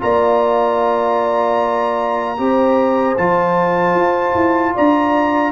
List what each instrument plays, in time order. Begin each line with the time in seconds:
0.00 tuba A#3, trombone F4, horn D5, trumpet A#5
2.37 tuba C4, trombone G4, horn C5
3.18 tuba F3, trombone F4, trumpet A5
3.95 tuba F4
4.35 tuba E4
4.74 tuba D4, horn D5, trumpet A#5